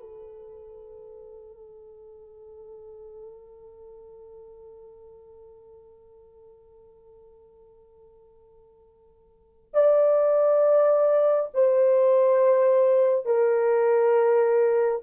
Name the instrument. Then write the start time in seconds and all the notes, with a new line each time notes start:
horn
0.00 A4
9.74 D5
11.54 C5
13.26 A#4